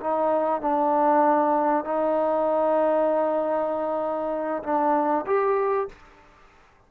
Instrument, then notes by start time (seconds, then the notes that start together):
trombone
0.00 D#4
0.61 D4
1.84 D#4
4.63 D4
5.26 G4